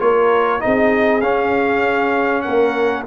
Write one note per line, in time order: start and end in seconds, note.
0.00 0.62 A#3
0.00 0.60 F4
0.00 0.63 A#4
0.00 0.61 C#5
0.60 1.23 C4
0.60 1.21 D#4
0.60 2.45 G#4
0.60 1.21 D#5
1.21 3.06 C#4
1.21 2.46 C#4
1.21 2.42 F5
2.42 3.07 A#3
2.42 3.06 A#4
2.42 3.03 F#5